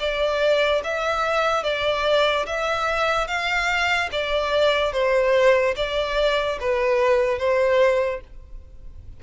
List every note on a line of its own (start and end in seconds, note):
0.00 0.82 D5
0.84 1.64 E5
1.64 2.46 D5
2.47 3.28 E5
3.28 4.10 F5
4.12 4.93 D5
4.93 5.75 C5
5.77 6.59 D5
6.61 7.39 B4
7.39 8.21 C5